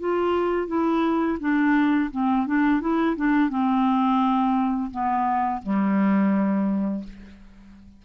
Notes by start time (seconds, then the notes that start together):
0.00 F4
0.68 E4
1.40 D4
2.11 C4
2.47 D4
2.81 E4
3.17 D4
3.50 C4
4.92 B3
5.63 G3